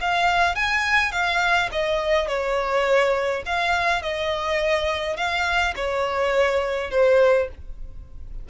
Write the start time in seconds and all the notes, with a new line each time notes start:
0.00 F5
0.55 G#5
1.11 F5
1.72 D#5
2.27 C#5
3.45 F5
4.02 D#5
5.16 F5
5.75 C#5
6.90 C5